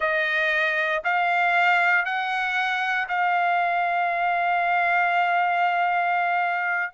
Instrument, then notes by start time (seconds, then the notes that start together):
trumpet
0.00 D#5
1.03 F5
2.05 F#5
3.08 F5